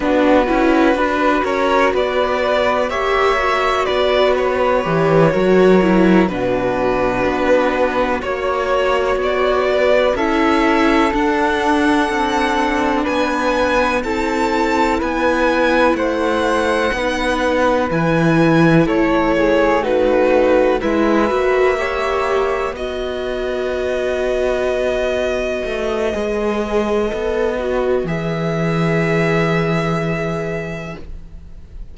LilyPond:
<<
  \new Staff \with { instrumentName = "violin" } { \time 4/4 \tempo 4 = 62 b'4. cis''8 d''4 e''4 | d''8 cis''2 b'4.~ | b'8 cis''4 d''4 e''4 fis''8~ | fis''4. gis''4 a''4 gis''8~ |
gis''8 fis''2 gis''4 cis''8~ | cis''8 b'4 e''2 dis''8~ | dis''1~ | dis''4 e''2. | }
  \new Staff \with { instrumentName = "flute" } { \time 4/4 fis'4 b'8 ais'8 b'4 cis''4 | b'4. ais'4 fis'4.~ | fis'8 cis''4. b'8 a'4.~ | a'4. b'4 a'4 b'8~ |
b'8 c''4 b'2 a'8 | gis'8 fis'4 b'4 cis''4 b'8~ | b'1~ | b'1 | }
  \new Staff \with { instrumentName = "viola" } { \time 4/4 d'8 e'8 fis'2 g'8 fis'8~ | fis'4 g'8 fis'8 e'8 d'4.~ | d'8 fis'2 e'4 d'8~ | d'2~ d'8 e'4.~ |
e'4. dis'4 e'4.~ | e'8 dis'4 e'8 fis'8 g'4 fis'8~ | fis'2. gis'4 | a'8 fis'8 gis'2. | }
  \new Staff \with { instrumentName = "cello" } { \time 4/4 b8 cis'8 d'8 cis'8 b4 ais4 | b4 e8 fis4 b,4 b8~ | b8 ais4 b4 cis'4 d'8~ | d'8 c'4 b4 c'4 b8~ |
b8 a4 b4 e4 a8~ | a4. gis8 ais4. b8~ | b2~ b8 a8 gis4 | b4 e2. | }
>>